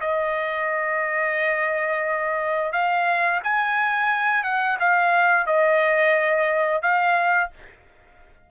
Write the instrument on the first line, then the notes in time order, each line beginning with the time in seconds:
trumpet
0.00 D#5
2.72 F5
3.43 G#5
4.43 F#5
4.79 F5
5.46 D#5
6.82 F5